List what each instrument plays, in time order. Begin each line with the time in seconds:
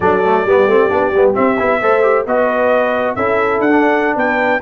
0.00 tuba F#3, trombone D4, horn A4, trumpet D5
0.25 trombone A3
0.45 tuba G3, trombone B3, horn G4
0.66 tuba A3, trombone C4
0.89 tuba B3, trombone D4
1.10 tuba G3, trombone B3
1.34 trombone C4, tuba C4, trumpet E5
1.58 tuba B3, trombone E4
1.80 tuba A3, trombone A4, horn C5
2.02 trombone G4
2.26 tuba B3, trombone F#4, horn B4, trumpet D#5
3.15 tuba C#4, trombone E4, horn A4, trumpet E5
3.59 tuba D4, trumpet F#5
3.70 trombone D4
4.15 tuba B3, horn B4, trumpet G5